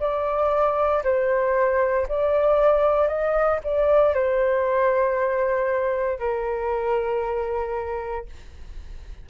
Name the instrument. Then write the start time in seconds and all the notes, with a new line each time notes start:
flute
0.00 D5
1.04 C5
2.08 D5
3.08 D#5
3.64 D5
4.14 C5
6.19 A#4